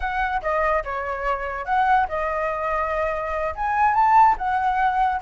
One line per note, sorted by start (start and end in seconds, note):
0.00 0.41 F#5
0.41 0.83 D#5
0.84 1.65 C#5
1.65 2.06 F#5
2.08 3.54 D#5
3.55 3.94 G#5
3.94 4.35 A5
4.37 5.21 F#5